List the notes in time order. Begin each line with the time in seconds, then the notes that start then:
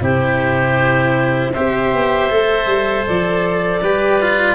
0.00 C3 E4 G4 C5
1.53 C4 G4 C5 E5
1.93 B3
2.29 A3 A4
2.66 G3
3.06 F3 D5
3.81 G3 G4 B4
4.21 F4